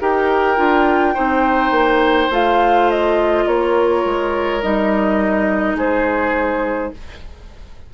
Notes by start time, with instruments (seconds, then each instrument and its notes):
0.00 bassoon D#4, clarinet G4, oboe A#4, flute G5
0.56 bassoon D4, clarinet F4
1.14 bassoon C4, clarinet D#4, oboe C5
1.70 bassoon A#3
2.30 bassoon A3, clarinet F4, flute F5
2.89 flute D#5
3.46 bassoon A#3, oboe A#4, flute C#5
4.05 bassoon G#3
4.61 bassoon G3, clarinet D#4, flute D#5
5.75 bassoon G#3, oboe G#4, flute C5